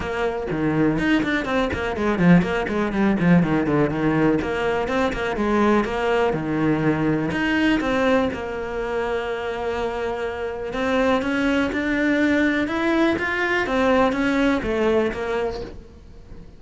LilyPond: \new Staff \with { instrumentName = "cello" } { \time 4/4 \tempo 4 = 123 ais4 dis4 dis'8 d'8 c'8 ais8 | gis8 f8 ais8 gis8 g8 f8 dis8 d8 | dis4 ais4 c'8 ais8 gis4 | ais4 dis2 dis'4 |
c'4 ais2.~ | ais2 c'4 cis'4 | d'2 e'4 f'4 | c'4 cis'4 a4 ais4 | }